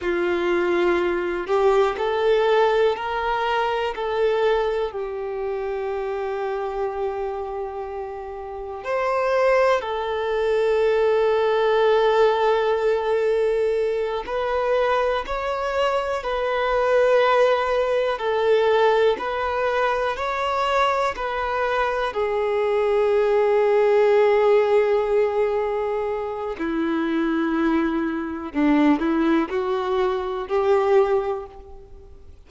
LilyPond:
\new Staff \with { instrumentName = "violin" } { \time 4/4 \tempo 4 = 61 f'4. g'8 a'4 ais'4 | a'4 g'2.~ | g'4 c''4 a'2~ | a'2~ a'8 b'4 cis''8~ |
cis''8 b'2 a'4 b'8~ | b'8 cis''4 b'4 gis'4.~ | gis'2. e'4~ | e'4 d'8 e'8 fis'4 g'4 | }